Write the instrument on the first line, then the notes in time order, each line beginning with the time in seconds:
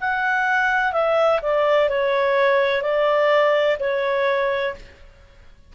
clarinet
0.00 F#5
0.92 E5
1.42 D5
1.89 C#5
2.82 D5
3.79 C#5